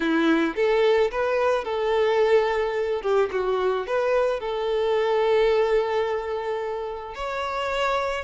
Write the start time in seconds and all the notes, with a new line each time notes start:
0.00 E4
0.55 A4
1.11 B4
1.64 A4
3.02 G4
3.31 F#4
3.87 B4
4.39 A4
7.14 C#5